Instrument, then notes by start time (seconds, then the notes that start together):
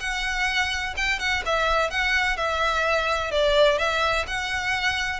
violin
0.00 F#5
0.97 G5
1.19 F#5
1.45 E5
1.90 F#5
2.37 E5
3.31 D5
3.78 E5
4.27 F#5